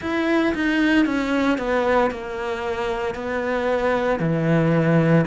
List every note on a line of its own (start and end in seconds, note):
0.01 0.54 E4
0.54 1.05 D#4
1.05 1.58 C#4
1.58 2.11 B3
2.11 3.14 A#3
3.14 4.19 B3
4.19 5.24 E3